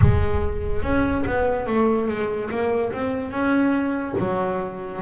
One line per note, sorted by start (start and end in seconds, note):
0.01 0.82 G#3
0.82 1.24 C#4
1.25 1.66 B3
1.66 2.08 A3
2.08 2.49 G#3
2.50 2.92 A#3
2.92 3.31 C4
3.31 4.14 C#4
4.18 5.01 F#3